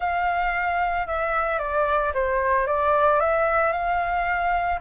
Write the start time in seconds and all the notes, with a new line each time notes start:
0.00 F5
1.06 E5
1.59 D5
2.14 C5
2.66 D5
3.20 E5
3.72 F5